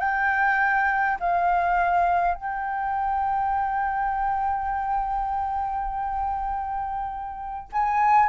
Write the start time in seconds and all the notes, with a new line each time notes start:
0.00 G5
1.20 F5
2.35 G5
7.73 G#5